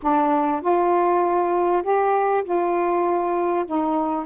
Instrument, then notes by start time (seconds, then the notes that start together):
saxophone
0.02 D4
0.61 F4
1.83 G4
2.44 F4
3.65 D#4